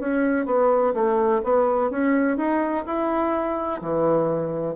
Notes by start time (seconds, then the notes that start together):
0.00 C#4
0.46 B3
0.94 A3
1.44 B3
1.91 C#4
2.38 D#4
2.86 E4
3.81 E3